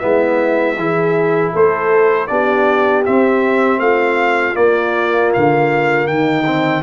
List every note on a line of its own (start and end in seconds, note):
0.00 0.77 G#3
0.00 0.76 B3
0.00 0.77 E4
0.00 1.52 E5
0.77 1.53 E3
0.77 2.29 E4
0.77 1.52 G#4
1.52 2.31 A3
1.52 2.28 A4
1.52 2.28 C5
2.28 3.07 B3
2.28 3.05 D4
2.28 3.82 G4
2.28 3.04 D5
3.06 4.55 C4
3.06 3.79 C4
3.06 3.80 E5
3.79 4.55 A3
3.79 6.10 F4
3.79 4.56 F5
4.55 6.44 A#3
4.55 5.34 A#3
4.55 5.32 D5
5.34 6.09 D3
5.34 6.08 F5
6.08 6.84 D#3
6.08 6.84 D#4
6.08 6.84 G5
6.46 6.84 C4